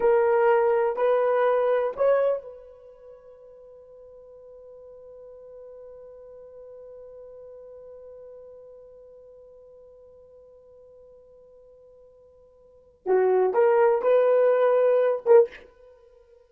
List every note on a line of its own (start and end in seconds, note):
0.00 0.96 A#4
0.96 1.93 B4
1.96 2.42 C#5
2.42 13.06 B4
13.06 13.53 F#4
13.53 14.02 A#4
14.02 15.23 B4
15.25 15.49 A#4